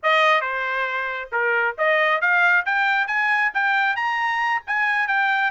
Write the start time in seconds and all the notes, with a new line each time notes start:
0.02 D#5
0.41 C5
1.31 A#4
1.78 D#5
2.21 F5
2.65 G5
3.07 G#5
3.54 G5
3.95 A#5
4.66 G#5
5.07 G5